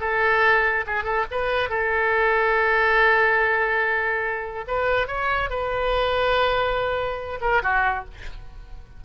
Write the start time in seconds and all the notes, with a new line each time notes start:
0.00 A4
0.86 G#4
1.04 A4
1.30 B4
1.69 A4
4.67 B4
5.07 C#5
5.49 B4
7.41 A#4
7.62 F#4